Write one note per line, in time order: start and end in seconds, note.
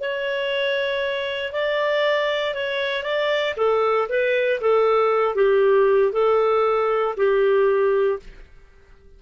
0.00 1.52 C#5
1.52 2.54 D5
2.54 3.03 C#5
3.03 3.54 D5
3.56 4.07 A4
4.08 4.60 B4
4.61 5.35 A4
5.35 6.12 G4
6.12 7.15 A4
7.16 8.19 G4